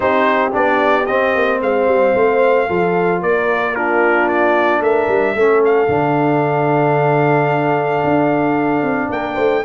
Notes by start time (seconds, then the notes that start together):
0.00 C4 D#4 G4 C5
0.51 B3 D4 D5
1.06 C4 D#5
1.34 A#3
1.60 G#3 C5 F5
1.87 G3
2.15 A3
2.67 F3 F4 A4
3.21 A#3 A#4 D5
3.74 D4 F4 A#4
4.28 D5
4.79 A3 A#4 E5
5.08 G3
5.34 A3 C#4 A4
5.64 F5
5.88 D3 D4
8.03 D4
8.82 C4
9.10 A#3 A#4 G5
9.34 A3 C5